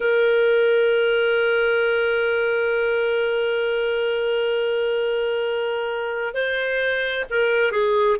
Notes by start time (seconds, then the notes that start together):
0.00 A#4
6.33 C5
7.30 A#4
7.71 G#4